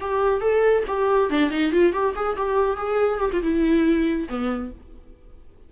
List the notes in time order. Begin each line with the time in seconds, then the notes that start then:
0.00 G4
0.41 A4
0.87 G4
1.30 D4
1.50 D#4
1.71 F4
1.93 G4
2.15 G#4
2.36 G4
2.76 G#4
3.19 G4
3.32 F4
3.42 E4
4.28 B3